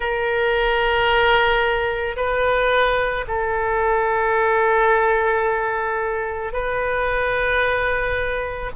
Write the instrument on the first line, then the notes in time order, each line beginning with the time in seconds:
oboe
0.00 A#4
2.16 B4
3.27 A4
6.53 B4